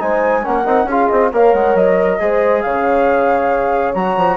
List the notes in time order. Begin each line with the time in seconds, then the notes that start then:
0.00 G#3 D#4 C5 G#5
0.43 A#3 C#4 A#4 F#5
0.66 C4 D#4
0.85 C#4 G#4
0.91 F4 F5
1.08 C4 D#5
1.32 A#3 A#4 C#5 F5
1.54 G#3 F#5
1.75 F#3 D#5
2.20 G#3 G#4 C5
2.62 C#3 C#5 F5
3.95 F#3 F#4 A#5
4.17 F3